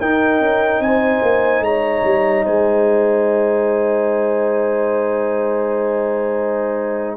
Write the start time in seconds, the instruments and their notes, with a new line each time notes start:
0.00 tuba D#4, trombone D#4, horn A#4, trumpet G5
0.41 tuba C#4
0.80 tuba C4, horn C5, trumpet G#5
1.23 tuba A#3
1.60 tuba G#3, horn C#5, trumpet A#5
2.05 tuba G3
2.45 tuba G#3, horn C5, trumpet G#5